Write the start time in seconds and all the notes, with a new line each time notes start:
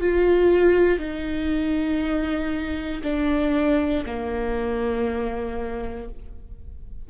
0.00 F4
0.98 D#4
3.03 D4
4.05 A#3